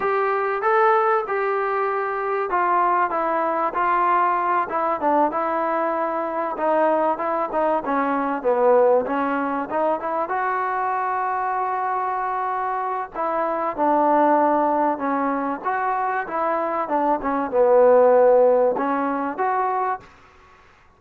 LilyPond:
\new Staff \with { instrumentName = "trombone" } { \time 4/4 \tempo 4 = 96 g'4 a'4 g'2 | f'4 e'4 f'4. e'8 | d'8 e'2 dis'4 e'8 | dis'8 cis'4 b4 cis'4 dis'8 |
e'8 fis'2.~ fis'8~ | fis'4 e'4 d'2 | cis'4 fis'4 e'4 d'8 cis'8 | b2 cis'4 fis'4 | }